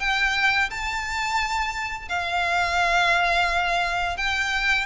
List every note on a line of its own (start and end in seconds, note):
0.00 0.70 G5
0.70 2.09 A5
2.09 4.17 F5
4.17 4.86 G5